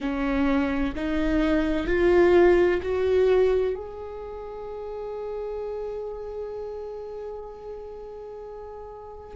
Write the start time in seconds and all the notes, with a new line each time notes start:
0.00 C#4
0.95 D#4
1.87 F4
2.82 F#4
3.75 G#4